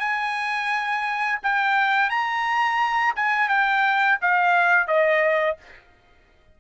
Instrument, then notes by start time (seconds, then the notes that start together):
trumpet
0.00 G#5
1.43 G5
2.10 A#5
3.16 G#5
3.49 G5
4.21 F5
4.87 D#5